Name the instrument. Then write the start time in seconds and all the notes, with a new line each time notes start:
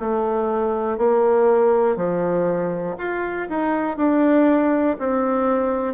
bassoon
0.00 A3
0.98 A#3
1.97 F3
2.98 F4
3.50 D#4
3.98 D4
5.00 C4